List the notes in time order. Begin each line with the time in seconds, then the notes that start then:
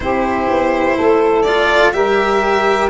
0.00 C4 E4 G4 C5
0.49 B3
0.96 A3 A4
1.42 F4 D5
1.93 G3 G4 A#4 E5